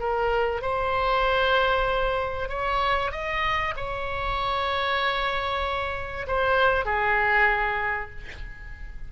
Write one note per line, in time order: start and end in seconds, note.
0.00 0.62 A#4
0.62 2.49 C5
2.49 3.12 C#5
3.12 3.74 D#5
3.77 6.27 C#5
6.28 6.86 C5
6.86 8.11 G#4